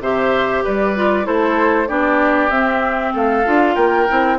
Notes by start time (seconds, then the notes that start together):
0.00 C3 G4 C5 E5
0.64 G3 B4 D5
0.96 F4
1.24 A3 E4 A4 C5
1.88 B3 D4 G4 D5
2.50 C4 E5
3.13 A3 A4 F5
3.45 D4 F4
3.75 A#3 A#4 G5
4.09 C4 E4